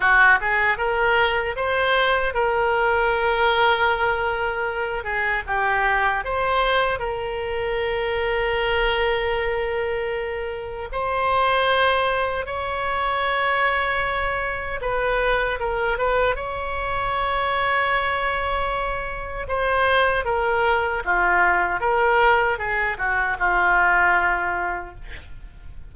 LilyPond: \new Staff \with { instrumentName = "oboe" } { \time 4/4 \tempo 4 = 77 fis'8 gis'8 ais'4 c''4 ais'4~ | ais'2~ ais'8 gis'8 g'4 | c''4 ais'2.~ | ais'2 c''2 |
cis''2. b'4 | ais'8 b'8 cis''2.~ | cis''4 c''4 ais'4 f'4 | ais'4 gis'8 fis'8 f'2 | }